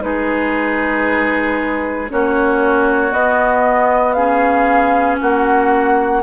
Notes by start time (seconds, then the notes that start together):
0.00 G#3 D#4 G#4 B4
2.09 A#3 C#4 F#4 C#5
3.11 B3 D#5
4.12 C#4 G#4 F5
5.20 A#3 F#4 F#5